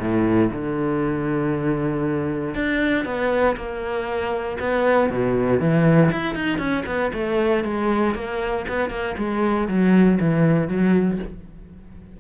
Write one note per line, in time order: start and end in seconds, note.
0.00 0.51 A2
0.52 2.55 D3
2.55 3.06 D4
3.06 3.56 B3
3.57 4.59 A#3
4.60 5.11 B3
5.11 5.60 B2
5.60 6.11 E3
6.12 6.35 E4
6.35 6.59 D#4
6.59 6.84 C#4
6.86 7.12 B3
7.13 7.64 A3
7.64 8.15 G#3
8.15 8.66 A#3
8.69 8.90 B3
8.90 9.15 A#3
9.18 9.68 G#3
9.68 10.19 F#3
10.20 10.68 E3
10.68 11.19 F#3